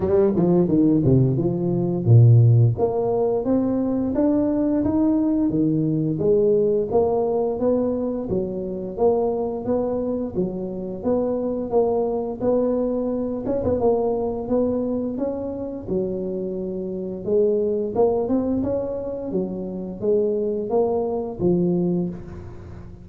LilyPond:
\new Staff \with { instrumentName = "tuba" } { \time 4/4 \tempo 4 = 87 g8 f8 dis8 c8 f4 ais,4 | ais4 c'4 d'4 dis'4 | dis4 gis4 ais4 b4 | fis4 ais4 b4 fis4 |
b4 ais4 b4. cis'16 b16 | ais4 b4 cis'4 fis4~ | fis4 gis4 ais8 c'8 cis'4 | fis4 gis4 ais4 f4 | }